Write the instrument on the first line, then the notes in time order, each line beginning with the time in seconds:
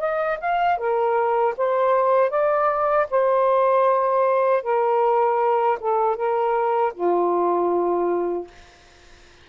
saxophone
0.00 D#5
0.40 F5
0.78 A#4
1.57 C5
2.30 D5
3.10 C5
4.63 A#4
5.80 A4
6.16 A#4
6.94 F4